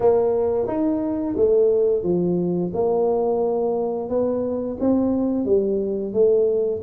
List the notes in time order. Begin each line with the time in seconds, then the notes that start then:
0.00 A#3
0.67 D#4
1.36 A3
2.03 F3
2.73 A#3
4.09 B3
4.79 C4
5.45 G3
6.13 A3